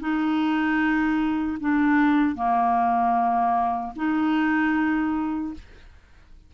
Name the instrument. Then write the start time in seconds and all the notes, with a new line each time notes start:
clarinet
0.00 D#4
1.60 D4
2.35 A#3
3.96 D#4